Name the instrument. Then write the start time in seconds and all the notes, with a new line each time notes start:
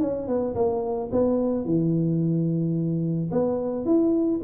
tuba
0.00 C#4
0.27 B3
0.55 A#3
1.12 B3
1.65 E3
3.31 B3
3.85 E4